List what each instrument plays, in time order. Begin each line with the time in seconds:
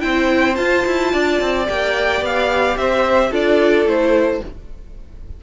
0.00 cello C4, viola E4, violin C5 G5
0.55 viola F4, cello F4, violin A5
0.87 cello E4
1.13 cello D4, violin D5
1.41 cello C4
1.67 cello A#3, viola G4, violin G5
2.22 cello B3, violin F5
2.78 cello C4, violin C5 E5
3.31 cello D4, viola F4, violin A4 D5
3.86 cello A3, viola E4, violin C5